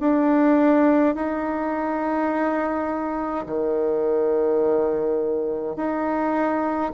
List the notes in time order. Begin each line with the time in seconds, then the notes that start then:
0.00 D4
1.15 D#4
3.47 D#3
5.77 D#4